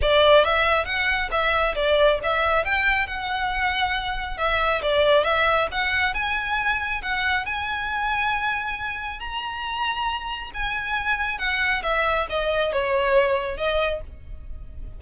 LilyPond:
\new Staff \with { instrumentName = "violin" } { \time 4/4 \tempo 4 = 137 d''4 e''4 fis''4 e''4 | d''4 e''4 g''4 fis''4~ | fis''2 e''4 d''4 | e''4 fis''4 gis''2 |
fis''4 gis''2.~ | gis''4 ais''2. | gis''2 fis''4 e''4 | dis''4 cis''2 dis''4 | }